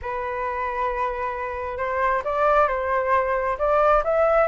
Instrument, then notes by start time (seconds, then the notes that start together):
flute
0.01 B4
1.77 C5
2.24 D5
2.67 C5
3.58 D5
4.04 E5